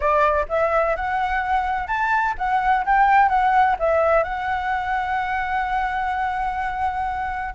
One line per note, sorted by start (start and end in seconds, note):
0.00 0.46 D5
0.48 0.96 E5
0.96 1.87 F#5
1.87 2.34 A5
2.38 2.85 F#5
2.85 3.28 G5
3.28 3.76 F#5
3.79 4.23 E5
4.23 7.54 F#5